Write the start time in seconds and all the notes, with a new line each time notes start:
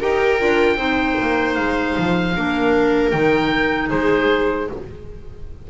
0.00 D#4 G4 A#4 G5
0.39 D4 F4
0.76 C4 D#4 C5
1.21 A#3
1.54 G#3 F5
1.97 F3
2.35 A#3 D4 A#4
3.11 D#3 D#4 G5
3.89 G#3 G#4 C5